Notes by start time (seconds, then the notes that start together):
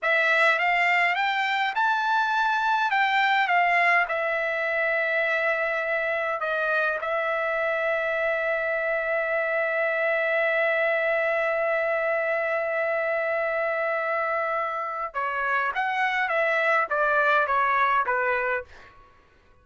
0.02 E5
0.58 F5
1.15 G5
1.75 A5
2.90 G5
3.47 F5
4.08 E5
6.40 D#5
7.01 E5
15.14 C#5
15.74 F#5
16.28 E5
16.90 D5
17.47 C#5
18.06 B4